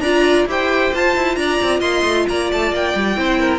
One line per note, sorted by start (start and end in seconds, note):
0.00 0.45 D4
0.00 0.48 F4
0.00 0.48 D5
0.00 0.45 A#5
0.46 0.91 E4
0.46 0.93 G4
0.46 1.39 C5
0.46 0.95 G5
0.94 1.16 F4
0.94 3.16 F4
0.94 1.36 A5
1.16 1.36 E4
1.36 1.59 D4
1.36 1.80 D5
1.36 1.81 A#5
1.63 1.80 C4
1.80 2.02 A#3
1.80 2.24 D#5
1.80 2.25 C6
2.04 2.26 A3
2.28 2.52 A#3
2.28 3.19 D5
2.28 2.51 A#5
2.52 2.71 A3
2.52 2.74 A5
2.71 2.94 A#3
2.71 3.59 G5
2.95 3.17 G3
3.16 3.59 C4
3.16 3.59 E4
3.16 3.40 C5
3.40 3.59 A#4